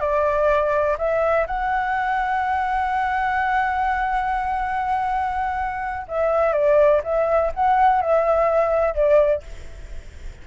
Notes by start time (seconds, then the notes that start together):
0.00 D5
0.98 E5
1.47 F#5
6.08 E5
6.53 D5
7.04 E5
7.54 F#5
8.01 E5
8.94 D5